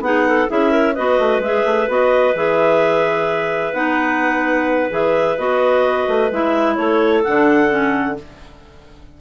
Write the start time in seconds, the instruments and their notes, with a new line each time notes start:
0.00 bassoon B3, clarinet D#4 G#4 F#5
0.28 clarinet A4
0.48 bassoon C#4, clarinet E4 G#4 E5
0.71 clarinet A#4
0.94 bassoon B3, clarinet F#4 B4 D#5
1.19 bassoon A3
1.39 bassoon G#3, clarinet G#4 E5
1.65 bassoon A3
1.87 bassoon B3, clarinet F#4 D#5
2.35 bassoon E3, clarinet G#4 E5
3.73 bassoon B3, clarinet D#4 F#5
4.90 bassoon E3, clarinet G#4 E5
5.37 bassoon B3, clarinet F#4 D#5
6.08 bassoon A3
6.31 bassoon G#3, clarinet E4 E5
6.75 bassoon A3, clarinet A4 C#5
7.24 bassoon D3, clarinet D4 F#5
7.69 clarinet C#4